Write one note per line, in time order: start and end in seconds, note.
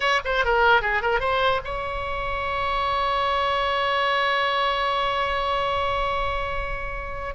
0.00 0.20 C#5
0.24 0.44 C5
0.44 0.81 A#4
0.81 1.02 G#4
1.02 1.20 A#4
1.20 1.60 C5
1.64 7.34 C#5